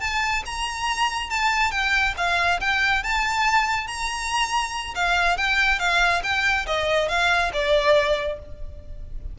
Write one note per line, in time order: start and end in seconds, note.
0.00 0.43 A5
0.46 1.30 A#5
1.30 1.71 A5
1.71 2.14 G5
2.17 2.60 F5
2.60 3.03 G5
3.03 3.87 A5
3.87 4.94 A#5
4.95 5.37 F5
5.37 5.79 G5
5.79 6.22 F5
6.23 6.66 G5
6.66 7.08 D#5
7.08 7.51 F5
7.53 8.39 D5